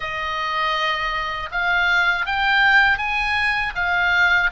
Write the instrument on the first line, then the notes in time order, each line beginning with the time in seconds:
oboe
0.00 D#5
1.51 F5
2.26 G5
2.98 G#5
3.75 F5